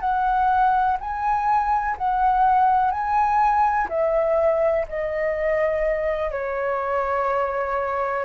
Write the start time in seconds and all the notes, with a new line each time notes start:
0.00 F#5
1.00 G#5
1.98 F#5
2.91 G#5
3.89 E5
4.88 D#5
6.31 C#5